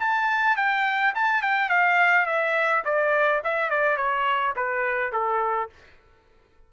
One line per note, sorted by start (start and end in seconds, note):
0.00 0.57 A5
0.57 1.14 G5
1.15 1.42 A5
1.42 1.70 G5
1.70 2.26 F5
2.26 2.83 E5
2.85 3.42 D5
3.44 3.70 E5
3.70 3.97 D5
3.97 4.54 C#5
4.56 5.12 B4
5.12 5.70 A4